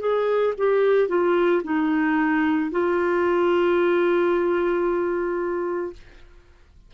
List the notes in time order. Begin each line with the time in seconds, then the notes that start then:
0.00 G#4
0.57 G4
1.08 F4
1.63 D#4
2.71 F4